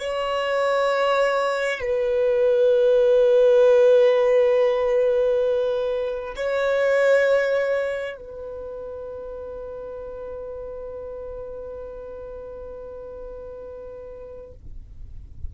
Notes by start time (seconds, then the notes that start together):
0.00 C#5
1.80 B4
6.36 C#5
8.17 B4